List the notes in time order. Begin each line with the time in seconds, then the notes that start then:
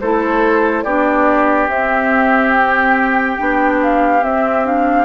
0.00 A3 E4 A4 C5
0.84 B3 D4 G4 D5
1.68 C4 E5
2.55 G5
3.38 B3 D4
3.83 F5
4.21 C4 E5
4.64 D4 F5